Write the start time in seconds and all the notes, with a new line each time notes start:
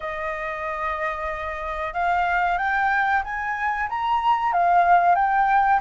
0.00 D#5
1.93 F5
2.58 G5
3.24 G#5
3.89 A#5
4.52 F5
5.15 G5